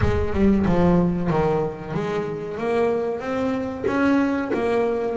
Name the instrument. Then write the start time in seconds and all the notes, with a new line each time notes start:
double bass
0.01 G#3
0.33 G3
0.65 F3
1.30 D#3
1.94 G#3
2.57 A#3
3.20 C4
3.86 C#4
4.53 A#3